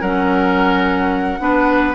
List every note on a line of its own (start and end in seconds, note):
0.00 1.39 F#3
0.00 1.38 C#4
0.00 1.39 A#4
0.00 1.95 F#5
1.38 1.95 B3
1.38 1.94 D4
1.38 1.95 B4